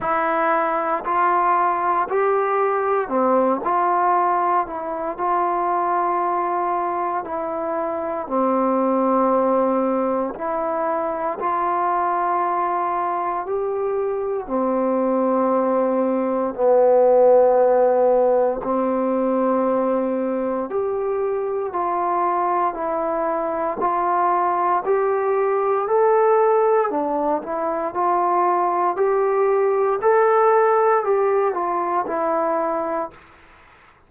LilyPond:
\new Staff \with { instrumentName = "trombone" } { \time 4/4 \tempo 4 = 58 e'4 f'4 g'4 c'8 f'8~ | f'8 e'8 f'2 e'4 | c'2 e'4 f'4~ | f'4 g'4 c'2 |
b2 c'2 | g'4 f'4 e'4 f'4 | g'4 a'4 d'8 e'8 f'4 | g'4 a'4 g'8 f'8 e'4 | }